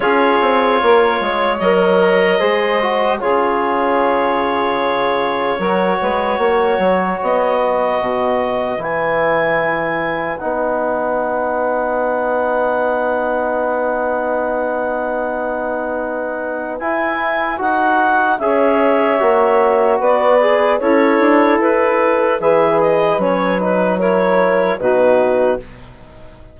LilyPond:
<<
  \new Staff \with { instrumentName = "clarinet" } { \time 4/4 \tempo 4 = 75 cis''2 dis''2 | cis''1~ | cis''4 dis''2 gis''4~ | gis''4 fis''2.~ |
fis''1~ | fis''4 gis''4 fis''4 e''4~ | e''4 d''4 cis''4 b'4 | e''8 dis''8 cis''8 b'8 cis''4 b'4 | }
  \new Staff \with { instrumentName = "saxophone" } { \time 4/4 gis'4 ais'8 cis''4. c''4 | gis'2. ais'8 b'8 | cis''4. b'2~ b'8~ | b'1~ |
b'1~ | b'2. cis''4~ | cis''4 b'4 e'2 | b'2 ais'4 fis'4 | }
  \new Staff \with { instrumentName = "trombone" } { \time 4/4 f'2 ais'4 gis'8 fis'8 | f'2. fis'4~ | fis'2. e'4~ | e'4 dis'2.~ |
dis'1~ | dis'4 e'4 fis'4 gis'4 | fis'4. gis'8 a'2 | gis'4 cis'8 dis'8 e'4 dis'4 | }
  \new Staff \with { instrumentName = "bassoon" } { \time 4/4 cis'8 c'8 ais8 gis8 fis4 gis4 | cis2. fis8 gis8 | ais8 fis8 b4 b,4 e4~ | e4 b2.~ |
b1~ | b4 e'4 dis'4 cis'4 | ais4 b4 cis'8 d'8 e'4 | e4 fis2 b,4 | }
>>